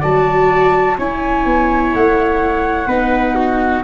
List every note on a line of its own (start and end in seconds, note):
0.00 0.98 F#3
0.00 0.98 F#4
0.00 0.95 D5
0.00 0.97 A5
0.98 1.45 C#4
0.98 2.88 E4
0.98 2.87 C#5
0.98 1.94 G#5
1.45 1.92 B3
1.94 2.86 A3
1.94 3.83 F#5
2.86 3.81 B3
2.86 3.83 D#4
2.86 3.35 B4
3.35 3.82 F#4